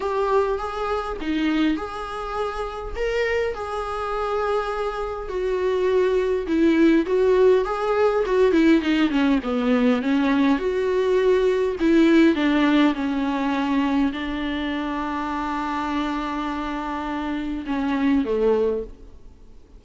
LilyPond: \new Staff \with { instrumentName = "viola" } { \time 4/4 \tempo 4 = 102 g'4 gis'4 dis'4 gis'4~ | gis'4 ais'4 gis'2~ | gis'4 fis'2 e'4 | fis'4 gis'4 fis'8 e'8 dis'8 cis'8 |
b4 cis'4 fis'2 | e'4 d'4 cis'2 | d'1~ | d'2 cis'4 a4 | }